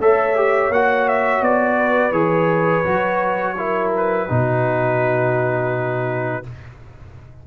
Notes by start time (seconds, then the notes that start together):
0.00 A3 A4 C#5 E5
0.37 G4
0.70 A#3 F#4 F#5
1.09 E5
1.42 B3 D5
1.77 B4
2.12 E3 G#4 C#5
2.85 F#3 F#4
3.57 E4 A#4
3.97 B4
4.29 B2 D#4 F#4